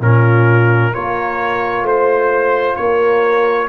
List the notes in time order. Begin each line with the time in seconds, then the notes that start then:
0.00 A#2 C#4 F4 A#4
0.92 A#3 F4 A#4 C#5
1.82 A3 C5
2.76 A#3 A#4 C#5